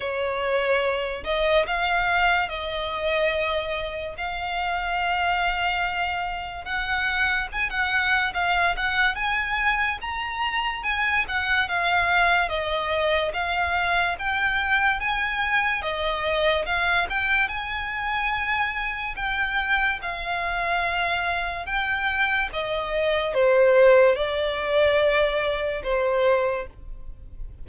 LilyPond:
\new Staff \with { instrumentName = "violin" } { \time 4/4 \tempo 4 = 72 cis''4. dis''8 f''4 dis''4~ | dis''4 f''2. | fis''4 gis''16 fis''8. f''8 fis''8 gis''4 | ais''4 gis''8 fis''8 f''4 dis''4 |
f''4 g''4 gis''4 dis''4 | f''8 g''8 gis''2 g''4 | f''2 g''4 dis''4 | c''4 d''2 c''4 | }